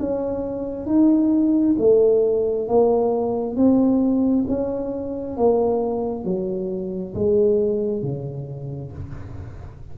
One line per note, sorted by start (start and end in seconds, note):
0.00 0.86 C#4
0.86 1.76 D#4
1.79 2.68 A3
2.68 3.56 A#3
3.56 4.46 C4
4.48 5.37 C#4
5.37 6.24 A#3
6.24 7.14 F#3
7.15 8.03 G#3
8.03 8.92 C#3